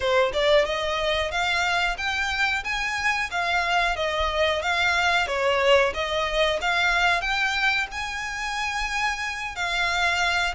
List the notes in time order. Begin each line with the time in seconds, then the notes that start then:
0.00 C5
0.33 D5
0.65 D#5
1.31 F5
1.97 G5
2.64 G#5
3.31 F5
3.96 D#5
4.62 F5
5.27 C#5
5.93 D#5
6.61 F5
7.20 G5
7.91 G#5
9.55 F5